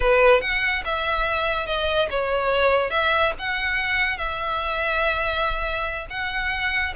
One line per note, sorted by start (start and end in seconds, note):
0.00 0.41 B4
0.41 0.83 F#5
0.84 1.66 E5
1.66 2.08 D#5
2.10 2.90 C#5
2.90 3.32 E5
3.39 4.17 F#5
4.17 6.06 E5
6.10 6.93 F#5